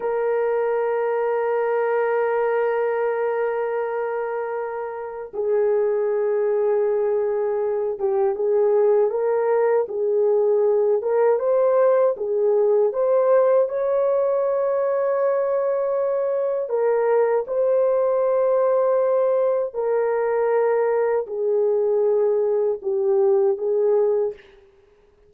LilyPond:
\new Staff \with { instrumentName = "horn" } { \time 4/4 \tempo 4 = 79 ais'1~ | ais'2. gis'4~ | gis'2~ gis'8 g'8 gis'4 | ais'4 gis'4. ais'8 c''4 |
gis'4 c''4 cis''2~ | cis''2 ais'4 c''4~ | c''2 ais'2 | gis'2 g'4 gis'4 | }